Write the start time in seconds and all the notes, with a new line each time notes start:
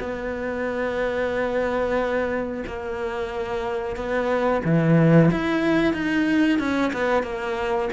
0.00 B3
2.67 A#3
3.96 B3
4.65 E3
5.31 E4
5.94 D#4
6.59 C#4
6.93 B3
7.23 A#3